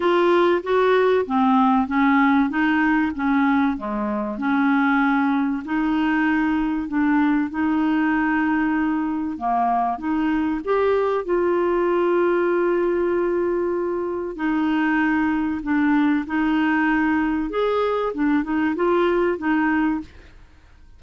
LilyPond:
\new Staff \with { instrumentName = "clarinet" } { \time 4/4 \tempo 4 = 96 f'4 fis'4 c'4 cis'4 | dis'4 cis'4 gis4 cis'4~ | cis'4 dis'2 d'4 | dis'2. ais4 |
dis'4 g'4 f'2~ | f'2. dis'4~ | dis'4 d'4 dis'2 | gis'4 d'8 dis'8 f'4 dis'4 | }